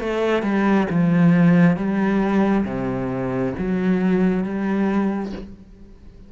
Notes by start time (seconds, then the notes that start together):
0.00 A3
0.43 G3
0.91 F3
1.77 G3
2.66 C3
3.59 F#3
4.44 G3